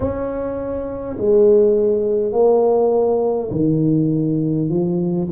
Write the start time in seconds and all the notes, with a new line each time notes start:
0.00 C#4
1.17 G#3
2.32 A#3
3.51 D#3
4.69 F3